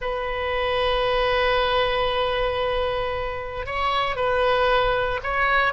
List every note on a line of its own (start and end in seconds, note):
0.01 3.65 B4
3.65 4.16 C#5
4.16 5.20 B4
5.23 5.73 C#5